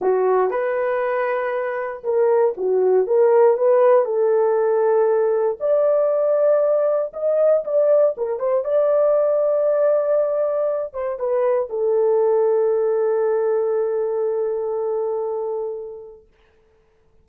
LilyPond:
\new Staff \with { instrumentName = "horn" } { \time 4/4 \tempo 4 = 118 fis'4 b'2. | ais'4 fis'4 ais'4 b'4 | a'2. d''4~ | d''2 dis''4 d''4 |
ais'8 c''8 d''2.~ | d''4. c''8 b'4 a'4~ | a'1~ | a'1 | }